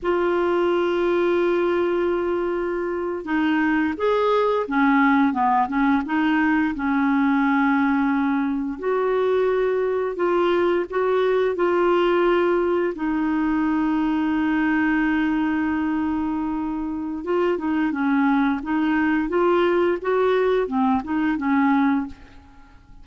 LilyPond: \new Staff \with { instrumentName = "clarinet" } { \time 4/4 \tempo 4 = 87 f'1~ | f'8. dis'4 gis'4 cis'4 b16~ | b16 cis'8 dis'4 cis'2~ cis'16~ | cis'8. fis'2 f'4 fis'16~ |
fis'8. f'2 dis'4~ dis'16~ | dis'1~ | dis'4 f'8 dis'8 cis'4 dis'4 | f'4 fis'4 c'8 dis'8 cis'4 | }